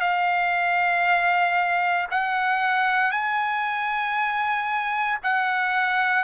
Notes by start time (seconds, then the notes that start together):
0.00 F5
2.11 F#5
3.11 G#5
5.23 F#5